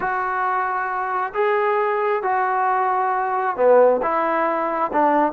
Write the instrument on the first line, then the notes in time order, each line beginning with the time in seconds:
trombone
0.00 F#4
1.34 G#4
2.23 F#4
3.56 B3
4.02 E4
4.92 D4